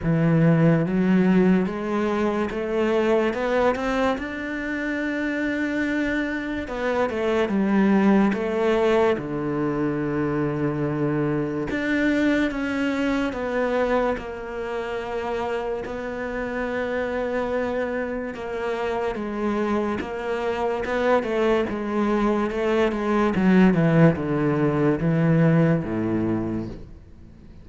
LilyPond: \new Staff \with { instrumentName = "cello" } { \time 4/4 \tempo 4 = 72 e4 fis4 gis4 a4 | b8 c'8 d'2. | b8 a8 g4 a4 d4~ | d2 d'4 cis'4 |
b4 ais2 b4~ | b2 ais4 gis4 | ais4 b8 a8 gis4 a8 gis8 | fis8 e8 d4 e4 a,4 | }